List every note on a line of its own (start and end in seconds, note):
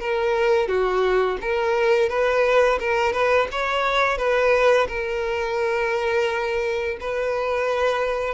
0.00 0.68 A#4
0.68 1.38 F#4
1.41 2.09 A#4
2.09 2.79 B4
2.80 3.13 A#4
3.13 3.48 B4
3.52 4.18 C#5
4.18 4.87 B4
4.88 6.97 A#4
7.01 8.34 B4